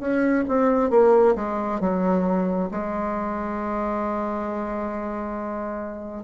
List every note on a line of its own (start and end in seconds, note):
0.00 0.45 C#4
0.48 0.90 C4
0.90 1.35 A#3
1.36 1.80 G#3
1.81 2.70 F#3
2.72 6.24 G#3